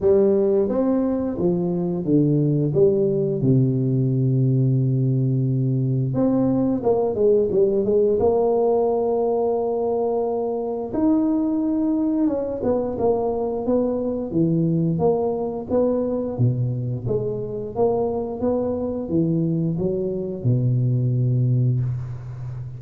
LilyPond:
\new Staff \with { instrumentName = "tuba" } { \time 4/4 \tempo 4 = 88 g4 c'4 f4 d4 | g4 c2.~ | c4 c'4 ais8 gis8 g8 gis8 | ais1 |
dis'2 cis'8 b8 ais4 | b4 e4 ais4 b4 | b,4 gis4 ais4 b4 | e4 fis4 b,2 | }